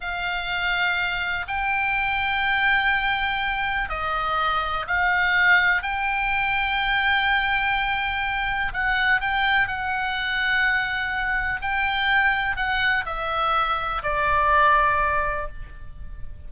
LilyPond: \new Staff \with { instrumentName = "oboe" } { \time 4/4 \tempo 4 = 124 f''2. g''4~ | g''1 | dis''2 f''2 | g''1~ |
g''2 fis''4 g''4 | fis''1 | g''2 fis''4 e''4~ | e''4 d''2. | }